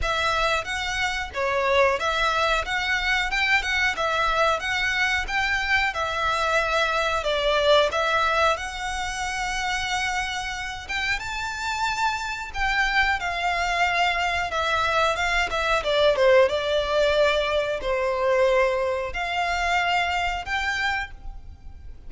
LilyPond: \new Staff \with { instrumentName = "violin" } { \time 4/4 \tempo 4 = 91 e''4 fis''4 cis''4 e''4 | fis''4 g''8 fis''8 e''4 fis''4 | g''4 e''2 d''4 | e''4 fis''2.~ |
fis''8 g''8 a''2 g''4 | f''2 e''4 f''8 e''8 | d''8 c''8 d''2 c''4~ | c''4 f''2 g''4 | }